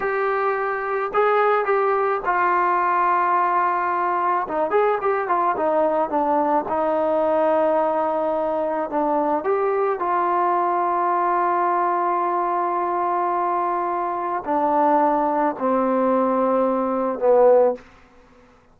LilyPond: \new Staff \with { instrumentName = "trombone" } { \time 4/4 \tempo 4 = 108 g'2 gis'4 g'4 | f'1 | dis'8 gis'8 g'8 f'8 dis'4 d'4 | dis'1 |
d'4 g'4 f'2~ | f'1~ | f'2 d'2 | c'2. b4 | }